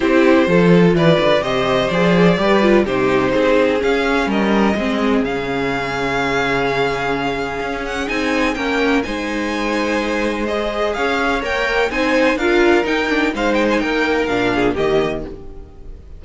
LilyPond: <<
  \new Staff \with { instrumentName = "violin" } { \time 4/4 \tempo 4 = 126 c''2 d''4 dis''4 | d''2 c''2 | f''4 dis''2 f''4~ | f''1~ |
f''8 fis''8 gis''4 g''4 gis''4~ | gis''2 dis''4 f''4 | g''4 gis''4 f''4 g''4 | f''8 g''16 gis''16 g''4 f''4 dis''4 | }
  \new Staff \with { instrumentName = "violin" } { \time 4/4 g'4 a'4 b'4 c''4~ | c''4 b'4 g'4 gis'4~ | gis'4 ais'4 gis'2~ | gis'1~ |
gis'2 ais'4 c''4~ | c''2. cis''4~ | cis''4 c''4 ais'2 | c''4 ais'4. gis'8 g'4 | }
  \new Staff \with { instrumentName = "viola" } { \time 4/4 e'4 f'2 g'4 | gis'4 g'8 f'8 dis'2 | cis'2 c'4 cis'4~ | cis'1~ |
cis'4 dis'4 cis'4 dis'4~ | dis'2 gis'2 | ais'4 dis'4 f'4 dis'8 d'8 | dis'2 d'4 ais4 | }
  \new Staff \with { instrumentName = "cello" } { \time 4/4 c'4 f4 e8 d8 c4 | f4 g4 c4 c'4 | cis'4 g4 gis4 cis4~ | cis1 |
cis'4 c'4 ais4 gis4~ | gis2. cis'4 | ais4 c'4 d'4 dis'4 | gis4 ais4 ais,4 dis4 | }
>>